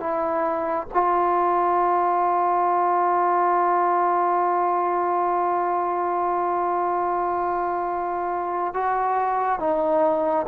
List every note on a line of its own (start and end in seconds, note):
0.00 0.87 E4
0.93 8.74 F4
8.74 9.59 F#4
9.59 10.46 D#4